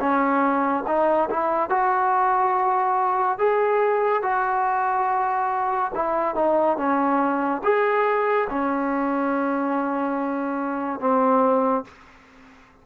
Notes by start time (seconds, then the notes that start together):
0.00 C#4
0.88 D#4
1.31 E4
1.70 F#4
3.39 G#4
4.23 F#4
5.95 E4
6.36 D#4
6.78 C#4
7.64 G#4
8.50 C#4
11.01 C4